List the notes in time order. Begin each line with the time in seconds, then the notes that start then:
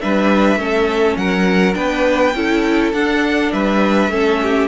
0.00 G3 D4 B4 E5
0.56 A3 C#4 A4
1.16 F#3 A#4 F#5
1.73 B3 D4 B4 G5
2.34 C#4 E4 A4
2.92 D4 F#5
3.52 G3 B4 E5
4.08 A3 C#4 A4
4.42 G4